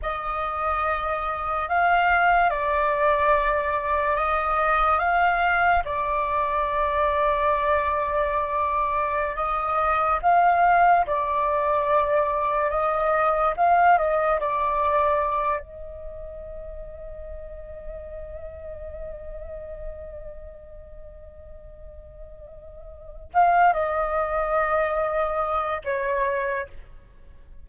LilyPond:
\new Staff \with { instrumentName = "flute" } { \time 4/4 \tempo 4 = 72 dis''2 f''4 d''4~ | d''4 dis''4 f''4 d''4~ | d''2.~ d''16 dis''8.~ | dis''16 f''4 d''2 dis''8.~ |
dis''16 f''8 dis''8 d''4. dis''4~ dis''16~ | dis''1~ | dis''1 | f''8 dis''2~ dis''8 cis''4 | }